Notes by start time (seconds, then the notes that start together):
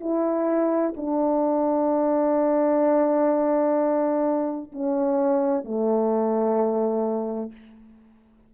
0.00 E4
0.97 D4
4.72 C#4
5.64 A3